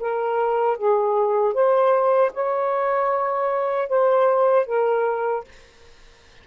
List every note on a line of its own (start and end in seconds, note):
0.00 0.78 A#4
0.78 1.54 G#4
1.54 2.32 C5
2.33 3.89 C#5
3.89 4.66 C5
4.66 5.44 A#4